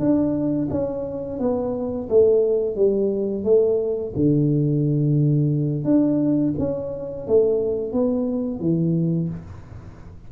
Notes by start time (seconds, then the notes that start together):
0.00 D4
0.71 C#4
1.40 B3
2.09 A3
2.76 G3
3.45 A3
4.16 D3
5.85 D4
6.59 C#4
7.28 A3
7.92 B3
8.60 E3